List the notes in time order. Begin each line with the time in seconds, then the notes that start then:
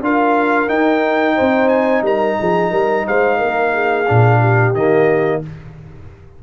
0.00 D4 F4 A#4 F5
0.68 D#4 G5
1.35 C4 C5
1.68 G#5
2.02 G3 A#4 A#5
2.39 F3 G#4
2.71 G3 A#4
3.07 G#3 C5 F5
3.38 A#3 A#4
3.73 G#4
4.07 A#2 D4
4.39 G4
4.73 D#3 A#3 D#5